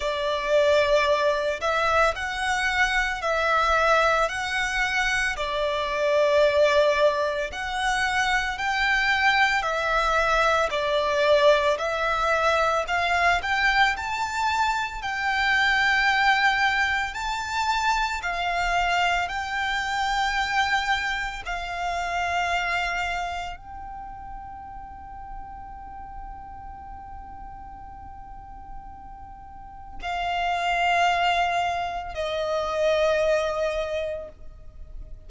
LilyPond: \new Staff \with { instrumentName = "violin" } { \time 4/4 \tempo 4 = 56 d''4. e''8 fis''4 e''4 | fis''4 d''2 fis''4 | g''4 e''4 d''4 e''4 | f''8 g''8 a''4 g''2 |
a''4 f''4 g''2 | f''2 g''2~ | g''1 | f''2 dis''2 | }